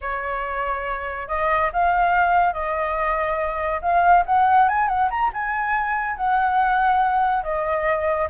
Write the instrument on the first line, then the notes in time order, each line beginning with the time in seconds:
flute
0.01 C#5
1.28 D#5
1.72 F5
2.53 D#5
3.81 F5
4.26 F#5
4.68 G#5
4.87 F#5
5.10 A#5
5.33 G#5
6.16 F#5
7.43 D#5